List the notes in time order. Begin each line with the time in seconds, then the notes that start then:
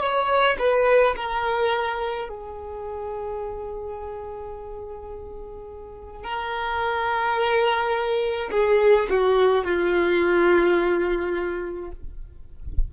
0.00 C#5
0.59 B4
1.16 A#4
2.29 G#4
6.24 A#4
8.52 G#4
9.10 F#4
9.65 F4